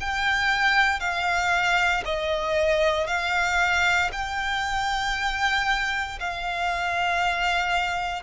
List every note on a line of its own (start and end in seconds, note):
0.00 1.00 G5
1.00 2.03 F5
2.05 3.07 D#5
3.07 4.11 F5
4.12 6.19 G5
6.20 8.23 F5